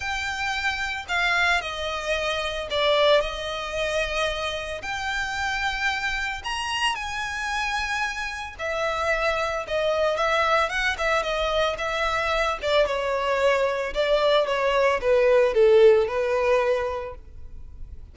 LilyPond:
\new Staff \with { instrumentName = "violin" } { \time 4/4 \tempo 4 = 112 g''2 f''4 dis''4~ | dis''4 d''4 dis''2~ | dis''4 g''2. | ais''4 gis''2. |
e''2 dis''4 e''4 | fis''8 e''8 dis''4 e''4. d''8 | cis''2 d''4 cis''4 | b'4 a'4 b'2 | }